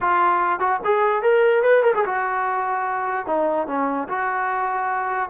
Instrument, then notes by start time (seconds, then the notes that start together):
trombone
0.00 F4
0.59 F#4
0.84 G#4
1.22 A#4
1.63 B4
1.83 A#4
1.94 G#4
2.05 F#4
3.26 D#4
3.67 C#4
4.08 F#4